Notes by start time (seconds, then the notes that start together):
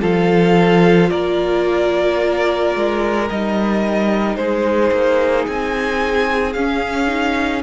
0.00 F3 F4 A4 F5
1.10 A#3 A#4 D5
2.75 G#3
3.29 G3 D#4 D#5
4.36 G#3 G#4 C5
4.92 A#3
5.47 C4 G#5
6.52 C#4 F5
7.07 D#4